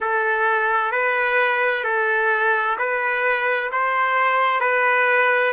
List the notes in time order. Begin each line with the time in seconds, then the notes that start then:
0.00 A4
0.91 B4
1.84 A4
2.78 B4
3.71 C5
4.60 B4